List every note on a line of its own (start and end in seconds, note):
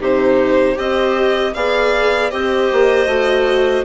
0.00 0.77 C3
0.00 0.75 D#4
0.00 0.74 G4
0.00 0.78 C5
0.74 1.55 C4
0.74 1.52 G4
0.74 1.51 C5
0.74 1.54 D#5
1.54 2.32 B3
1.54 2.31 G#4
1.54 2.32 D5
1.54 2.31 F5
2.31 2.71 C4
2.31 3.07 G4
2.31 3.85 C5
2.31 3.85 D#5
2.73 3.07 A#3
3.07 3.84 A3
3.07 3.84 F#4